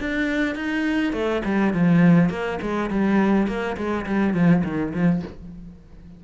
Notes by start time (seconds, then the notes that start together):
0.00 D4
0.55 D#4
1.13 A3
1.45 G3
1.73 F3
2.30 A#3
2.62 G#3
2.90 G3
3.47 A#3
3.77 G#3
4.06 G3
4.34 F3
4.64 D#3
4.93 F3